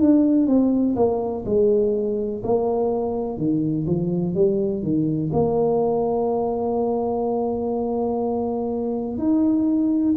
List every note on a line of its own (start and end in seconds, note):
0.00 0.47 D4
0.47 0.95 C4
0.96 1.44 A#3
1.46 2.42 G#3
2.44 3.38 A#3
3.38 3.86 D#3
3.87 4.35 F3
4.35 4.83 G3
4.83 5.31 D#3
5.33 9.18 A#3
9.18 10.15 D#4